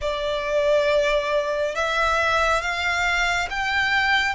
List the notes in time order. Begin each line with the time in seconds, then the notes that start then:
0.01 D5
1.75 E5
2.61 F5
3.49 G5